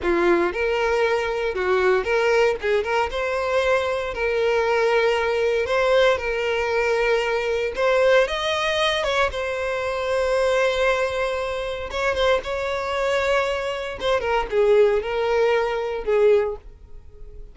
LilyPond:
\new Staff \with { instrumentName = "violin" } { \time 4/4 \tempo 4 = 116 f'4 ais'2 fis'4 | ais'4 gis'8 ais'8 c''2 | ais'2. c''4 | ais'2. c''4 |
dis''4. cis''8 c''2~ | c''2. cis''8 c''8 | cis''2. c''8 ais'8 | gis'4 ais'2 gis'4 | }